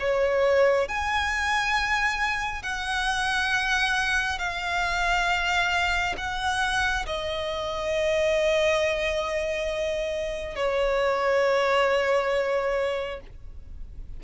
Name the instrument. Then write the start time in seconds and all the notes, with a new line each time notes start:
violin
0.00 C#5
0.89 G#5
2.63 F#5
4.39 F5
6.18 F#5
7.06 D#5
10.56 C#5